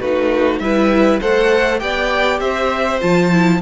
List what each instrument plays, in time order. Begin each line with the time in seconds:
0.00 cello A3, viola D#4, violin F#4 B4
0.59 cello G3, viola E4, violin B4 E5
1.20 cello A3, viola A4, violin C5 F#5
1.79 cello B3, viola G4, violin D5 G5
2.40 cello C4, violin C5 E5
3.00 cello F3, viola F4, violin A5
3.31 viola E4